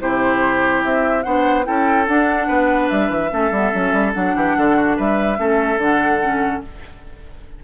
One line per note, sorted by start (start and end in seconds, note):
0.00 0.83 C3
0.00 1.24 E4
0.00 1.24 G4
0.00 0.83 C5
0.84 1.25 C4
0.84 1.22 E5
1.22 1.66 B3
1.22 1.64 D4
1.22 1.65 C5
1.22 1.64 F#5
1.64 2.07 C#4
1.64 2.05 E4
1.64 2.47 A4
1.64 2.07 G5
2.07 2.47 D4
2.07 3.30 D4
2.07 2.88 F#5
2.47 2.89 B3
2.47 3.30 B4
2.88 3.09 G3
2.88 4.12 E5
3.09 3.30 E3
3.30 3.51 A3
3.30 3.50 C#4
3.30 4.36 A4
3.51 3.71 G3
3.51 3.71 B3
3.71 3.92 F#3
3.71 4.13 C#4
3.92 4.13 G3
4.13 4.35 F#3
4.13 5.37 D4
4.13 4.96 F#5
4.35 4.55 E3
4.35 4.56 G4
4.57 4.98 D3
4.57 4.76 A4
4.76 4.96 F#4
4.96 5.38 G3
4.96 5.37 B4
4.96 5.80 E5
5.37 5.77 A3
5.37 5.78 C#4
5.37 6.63 A4
5.77 6.59 D3
5.77 6.21 D4
5.77 6.62 F#5
6.21 6.62 C#4